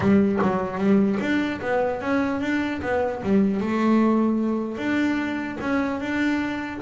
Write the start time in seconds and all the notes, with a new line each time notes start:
0.00 G3
0.41 F#3
0.78 G3
1.20 D4
1.61 B3
2.01 C#4
2.41 D4
2.81 B3
3.23 G3
3.60 A3
4.77 D4
5.60 C#4
6.00 D4